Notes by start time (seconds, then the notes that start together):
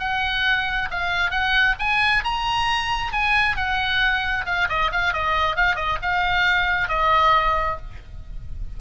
0.00 F#5
0.91 F5
1.31 F#5
1.80 G#5
2.24 A#5
3.13 G#5
3.57 F#5
4.46 F5
4.69 D#5
4.92 F5
5.13 D#5
5.56 F5
5.76 D#5
6.02 F5
6.89 D#5